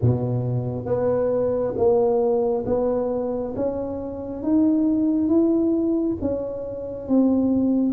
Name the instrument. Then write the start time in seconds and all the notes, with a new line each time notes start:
tuba
0.01 B2
0.85 B3
1.76 A#3
2.66 B3
3.56 C#4
4.42 D#4
5.28 E4
6.21 C#4
7.07 C4